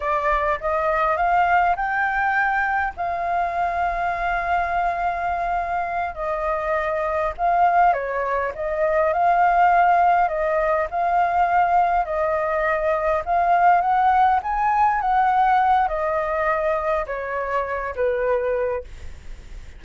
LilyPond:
\new Staff \with { instrumentName = "flute" } { \time 4/4 \tempo 4 = 102 d''4 dis''4 f''4 g''4~ | g''4 f''2.~ | f''2~ f''8 dis''4.~ | dis''8 f''4 cis''4 dis''4 f''8~ |
f''4. dis''4 f''4.~ | f''8 dis''2 f''4 fis''8~ | fis''8 gis''4 fis''4. dis''4~ | dis''4 cis''4. b'4. | }